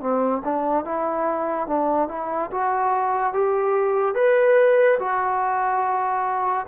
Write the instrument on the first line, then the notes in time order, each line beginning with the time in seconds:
trombone
0.00 C4
0.44 D4
0.84 E4
1.67 D4
2.08 E4
2.51 F#4
3.33 G4
4.14 B4
4.99 F#4